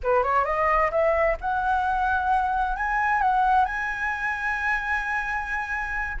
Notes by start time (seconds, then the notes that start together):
0.03 B4
0.23 C#5
0.45 D#5
0.91 E5
1.40 F#5
2.76 G#5
3.21 F#5
3.65 G#5